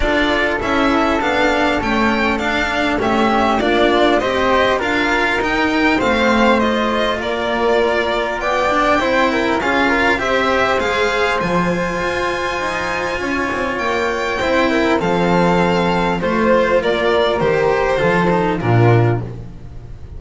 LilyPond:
<<
  \new Staff \with { instrumentName = "violin" } { \time 4/4 \tempo 4 = 100 d''4 e''4 f''4 g''4 | f''4 e''4 d''4 dis''4 | f''4 g''4 f''4 dis''4 | d''2 g''2 |
f''4 e''4 f''4 gis''4~ | gis''2. g''4~ | g''4 f''2 c''4 | d''4 c''2 ais'4 | }
  \new Staff \with { instrumentName = "flute" } { \time 4/4 a'1~ | a'4 g'4 f'4 c''4 | ais'2 c''2 | ais'2 d''4 c''8 ais'8 |
gis'8 ais'8 c''2.~ | c''2 cis''2 | c''8 ais'8 a'2 c''4 | ais'2 a'4 f'4 | }
  \new Staff \with { instrumentName = "cello" } { \time 4/4 f'4 e'4 d'4 cis'4 | d'4 cis'4 d'4 g'4 | f'4 dis'4 c'4 f'4~ | f'2~ f'8 d'8 e'4 |
f'4 g'4 gis'4 f'4~ | f'1 | e'4 c'2 f'4~ | f'4 g'4 f'8 dis'8 d'4 | }
  \new Staff \with { instrumentName = "double bass" } { \time 4/4 d'4 cis'4 b4 a4 | d'4 a4 ais4 c'4 | d'4 dis'4 a2 | ais2 b4 c'4 |
cis'4 c'4 gis4 f4 | f'4 dis'4 cis'8 c'8 ais4 | c'4 f2 a4 | ais4 dis4 f4 ais,4 | }
>>